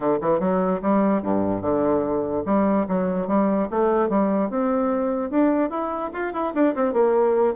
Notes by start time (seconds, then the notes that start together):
0.00 D3
0.21 E3
0.39 F#3
0.82 G3
1.22 G2
1.61 D3
2.45 G3
2.87 F#3
3.27 G3
3.70 A3
4.09 G3
4.50 C4
5.30 D4
5.70 E4
6.13 F4
6.33 E4
6.54 D4
6.75 C4
6.93 A#3